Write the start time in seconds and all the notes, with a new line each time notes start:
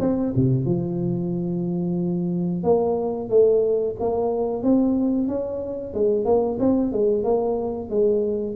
0.00 C4
0.36 C3
0.66 F3
2.63 A#3
3.29 A3
4.00 A#3
4.63 C4
5.28 C#4
5.94 G#3
6.25 A#3
6.59 C4
6.92 G#3
7.24 A#3
7.90 G#3